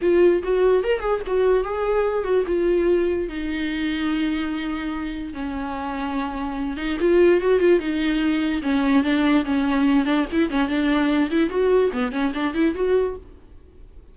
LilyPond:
\new Staff \with { instrumentName = "viola" } { \time 4/4 \tempo 4 = 146 f'4 fis'4 ais'8 gis'8 fis'4 | gis'4. fis'8 f'2 | dis'1~ | dis'4 cis'2.~ |
cis'8 dis'8 f'4 fis'8 f'8 dis'4~ | dis'4 cis'4 d'4 cis'4~ | cis'8 d'8 e'8 cis'8 d'4. e'8 | fis'4 b8 cis'8 d'8 e'8 fis'4 | }